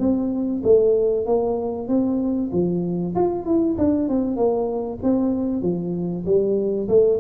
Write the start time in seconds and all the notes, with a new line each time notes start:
0.00 C4
0.64 A3
1.26 A#3
1.88 C4
2.53 F3
3.15 F4
3.45 E4
3.78 D4
4.09 C4
4.37 A#3
5.03 C4
5.62 F3
6.26 G3
6.89 A3